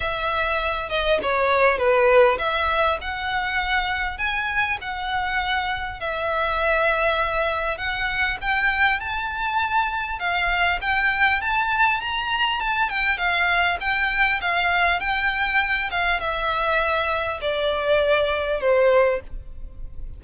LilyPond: \new Staff \with { instrumentName = "violin" } { \time 4/4 \tempo 4 = 100 e''4. dis''8 cis''4 b'4 | e''4 fis''2 gis''4 | fis''2 e''2~ | e''4 fis''4 g''4 a''4~ |
a''4 f''4 g''4 a''4 | ais''4 a''8 g''8 f''4 g''4 | f''4 g''4. f''8 e''4~ | e''4 d''2 c''4 | }